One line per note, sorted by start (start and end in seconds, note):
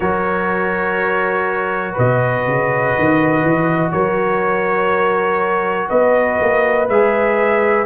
0.00 1.96 F#3
0.00 6.88 F#4
0.00 1.92 A#4
0.00 1.94 C#5
1.92 2.47 B2
1.92 3.89 B4
1.92 3.91 D#5
2.47 2.96 C#3
2.98 3.42 D#3
3.42 3.91 E3
3.91 5.89 F#3
3.91 5.89 A#4
3.91 5.88 C#5
5.89 6.40 B3
5.89 7.85 B4
5.89 6.88 D#5
6.41 6.88 A#3
6.88 7.85 G#3
6.88 7.85 G#4
6.88 7.85 E5